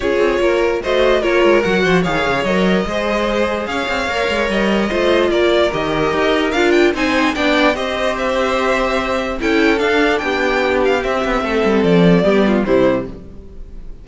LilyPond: <<
  \new Staff \with { instrumentName = "violin" } { \time 4/4 \tempo 4 = 147 cis''2 dis''4 cis''4 | fis''4 f''4 dis''2~ | dis''4 f''2 dis''4~ | dis''4 d''4 dis''2 |
f''8 g''8 gis''4 g''4 dis''4 | e''2. g''4 | f''4 g''4. f''8 e''4~ | e''4 d''2 c''4 | }
  \new Staff \with { instrumentName = "violin" } { \time 4/4 gis'4 ais'4 c''4 ais'4~ | ais'8 c''8 cis''2 c''4~ | c''4 cis''2. | c''4 ais'2.~ |
ais'4 c''4 d''4 c''4~ | c''2. a'4~ | a'4 g'2. | a'2 g'8 f'8 e'4 | }
  \new Staff \with { instrumentName = "viola" } { \time 4/4 f'2 fis'4 f'4 | fis'4 gis'4 ais'4 gis'4~ | gis'2 ais'2 | f'2 g'2 |
f'4 dis'4 d'4 g'4~ | g'2. e'4 | d'2. c'4~ | c'2 b4 g4 | }
  \new Staff \with { instrumentName = "cello" } { \time 4/4 cis'8 c'8 ais4 a4 ais8 gis8 | fis8 f8 dis8 cis8 fis4 gis4~ | gis4 cis'8 c'8 ais8 gis8 g4 | a4 ais4 dis4 dis'4 |
d'4 c'4 b4 c'4~ | c'2. cis'4 | d'4 b2 c'8 b8 | a8 g8 f4 g4 c4 | }
>>